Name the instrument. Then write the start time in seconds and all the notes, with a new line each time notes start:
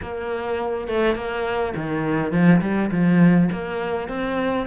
cello
0.02 A#3
0.87 A3
1.15 A#3
1.76 D#3
2.31 F3
2.61 G3
2.91 F3
3.52 A#3
4.08 C4